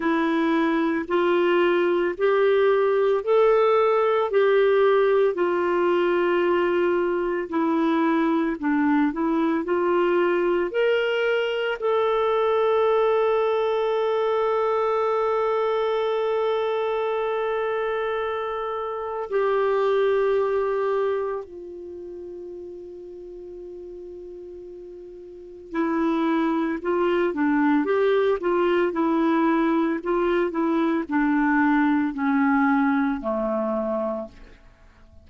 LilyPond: \new Staff \with { instrumentName = "clarinet" } { \time 4/4 \tempo 4 = 56 e'4 f'4 g'4 a'4 | g'4 f'2 e'4 | d'8 e'8 f'4 ais'4 a'4~ | a'1~ |
a'2 g'2 | f'1 | e'4 f'8 d'8 g'8 f'8 e'4 | f'8 e'8 d'4 cis'4 a4 | }